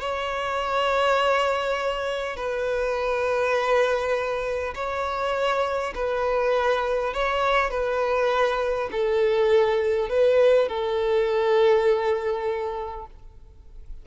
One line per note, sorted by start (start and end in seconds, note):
0.00 2.36 C#5
2.36 4.74 B4
4.75 5.94 C#5
5.95 7.14 B4
7.14 7.71 C#5
7.71 8.89 B4
8.92 10.09 A4
10.09 10.68 B4
10.68 13.06 A4